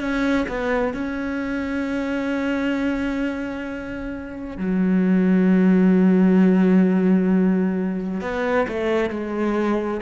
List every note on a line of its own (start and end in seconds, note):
0.00 0.45 C#4
0.48 0.93 B3
0.94 4.57 C#4
4.57 8.21 F#3
8.21 8.66 B3
8.67 9.10 A3
9.10 10.00 G#3